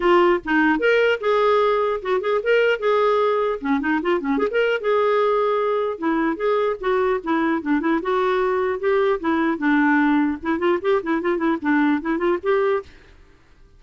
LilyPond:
\new Staff \with { instrumentName = "clarinet" } { \time 4/4 \tempo 4 = 150 f'4 dis'4 ais'4 gis'4~ | gis'4 fis'8 gis'8 ais'4 gis'4~ | gis'4 cis'8 dis'8 f'8 cis'8 gis'16 ais'8. | gis'2. e'4 |
gis'4 fis'4 e'4 d'8 e'8 | fis'2 g'4 e'4 | d'2 e'8 f'8 g'8 e'8 | f'8 e'8 d'4 e'8 f'8 g'4 | }